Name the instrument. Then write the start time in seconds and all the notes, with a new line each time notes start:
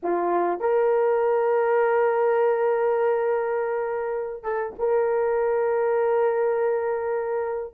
horn
0.03 F4
0.59 A#4
4.43 A4
4.78 A#4